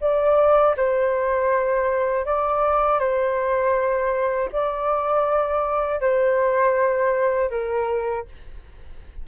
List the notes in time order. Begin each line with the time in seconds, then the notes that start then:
0.00 D5
0.76 C5
2.25 D5
2.99 C5
4.52 D5
6.00 C5
7.50 A#4